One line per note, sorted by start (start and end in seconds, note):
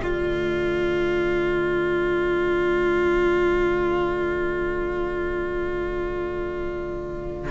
0.00 7.51 D3
0.00 7.50 A3
0.00 7.51 F4
0.00 7.51 D5